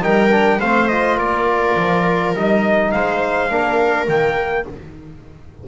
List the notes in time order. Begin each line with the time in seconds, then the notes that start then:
0.00 G3 D#4 A#4 G5
0.31 D4
0.59 A3 C4 C5 F5
0.88 F4 D#5
1.18 A#3 A#4 D5
1.77 F3
2.34 G3 D#4 D#5
2.92 G#3 C5 F5
3.50 A#3 D4 A#4
4.08 D#3 A#3 G5